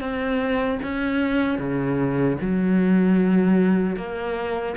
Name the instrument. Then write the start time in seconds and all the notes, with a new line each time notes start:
cello
0.00 C4
0.82 C#4
1.58 C#3
2.41 F#3
3.96 A#3